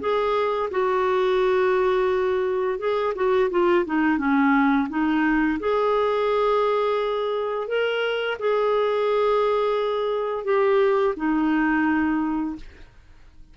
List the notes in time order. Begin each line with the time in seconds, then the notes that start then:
0.00 G#4
0.71 F#4
2.79 G#4
3.15 F#4
3.50 F4
3.86 D#4
4.18 C#4
4.89 D#4
5.59 G#4
7.68 A#4
8.39 G#4
10.45 G4
11.16 D#4